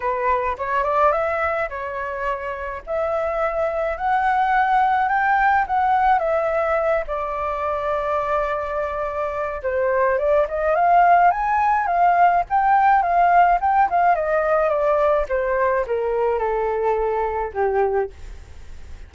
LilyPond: \new Staff \with { instrumentName = "flute" } { \time 4/4 \tempo 4 = 106 b'4 cis''8 d''8 e''4 cis''4~ | cis''4 e''2 fis''4~ | fis''4 g''4 fis''4 e''4~ | e''8 d''2.~ d''8~ |
d''4 c''4 d''8 dis''8 f''4 | gis''4 f''4 g''4 f''4 | g''8 f''8 dis''4 d''4 c''4 | ais'4 a'2 g'4 | }